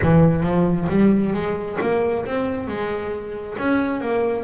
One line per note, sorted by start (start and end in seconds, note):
0.02 0.43 E3
0.43 0.87 F3
0.89 1.33 G3
1.33 1.78 G#3
1.80 2.25 A#3
2.25 2.67 C4
2.67 3.56 G#3
3.58 4.00 C#4
4.00 4.43 A#3